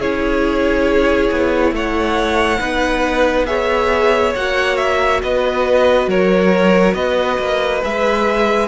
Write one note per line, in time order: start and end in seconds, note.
0.00 1.31 C#4
0.00 2.60 E4
0.00 1.74 G#4
0.00 1.75 C#5
1.32 1.72 B3
1.72 2.59 A3
1.72 2.59 C#5
1.72 3.46 F#5
2.59 4.35 B3
2.59 3.47 D#4
2.59 3.46 B4
3.46 4.34 G#4
3.46 5.22 C#5
3.46 4.33 E5
4.36 5.22 A#3
4.36 7.82 F#4
4.36 4.77 F#5
4.77 5.21 E5
5.23 6.07 B3
5.23 6.09 B4
5.23 6.10 D#5
6.07 6.94 F#3
6.07 6.95 A#4
6.07 6.94 C#5
6.94 7.38 B3
6.94 8.68 B4
6.94 7.81 D#5
7.39 7.82 A#3
7.82 8.68 G#3
7.82 8.68 G#4
7.82 8.68 E5